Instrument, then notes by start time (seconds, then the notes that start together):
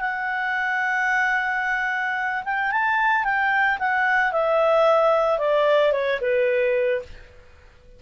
clarinet
0.00 F#5
2.44 G5
2.71 A5
3.24 G5
3.79 F#5
4.32 E5
5.38 D5
5.92 C#5
6.21 B4